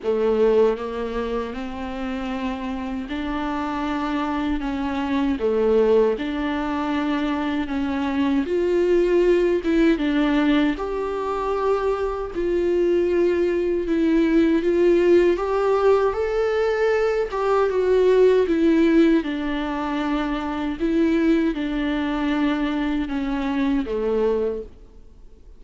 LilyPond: \new Staff \with { instrumentName = "viola" } { \time 4/4 \tempo 4 = 78 a4 ais4 c'2 | d'2 cis'4 a4 | d'2 cis'4 f'4~ | f'8 e'8 d'4 g'2 |
f'2 e'4 f'4 | g'4 a'4. g'8 fis'4 | e'4 d'2 e'4 | d'2 cis'4 a4 | }